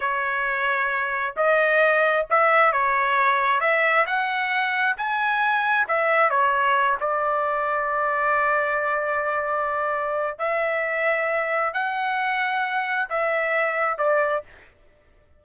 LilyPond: \new Staff \with { instrumentName = "trumpet" } { \time 4/4 \tempo 4 = 133 cis''2. dis''4~ | dis''4 e''4 cis''2 | e''4 fis''2 gis''4~ | gis''4 e''4 cis''4. d''8~ |
d''1~ | d''2. e''4~ | e''2 fis''2~ | fis''4 e''2 d''4 | }